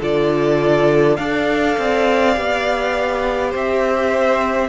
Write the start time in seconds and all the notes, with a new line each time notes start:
0.00 D3 F4 A4 D5
1.16 D4 A4 D5 F5
1.78 C4
2.34 B3 G4
3.50 C4 C5 E5